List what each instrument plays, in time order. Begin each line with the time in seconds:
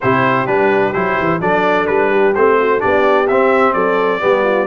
0.00 tuba C3, trombone E4, horn G4, trumpet C5
0.46 tuba G3, trombone D4, trumpet B4
0.93 tuba F#3, trombone E4, trumpet C5
1.19 tuba E3
1.40 tuba F#3, trombone D4, horn A4, trumpet D5
1.86 tuba G3, trumpet B4
2.11 horn G4
2.34 tuba A3, trombone C4, trumpet C5
2.59 horn F#4
2.78 tuba B3, trombone D4, horn G4, trumpet D5
3.27 tuba C4, trombone C4, trumpet E5
3.73 tuba F#3, horn A4, trumpet D5
4.20 tuba G3, trombone B3, horn G4
4.43 horn F4